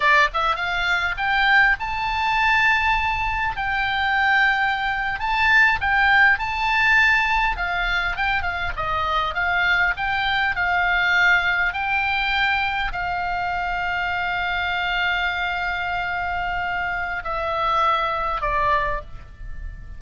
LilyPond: \new Staff \with { instrumentName = "oboe" } { \time 4/4 \tempo 4 = 101 d''8 e''8 f''4 g''4 a''4~ | a''2 g''2~ | g''8. a''4 g''4 a''4~ a''16~ | a''8. f''4 g''8 f''8 dis''4 f''16~ |
f''8. g''4 f''2 g''16~ | g''4.~ g''16 f''2~ f''16~ | f''1~ | f''4 e''2 d''4 | }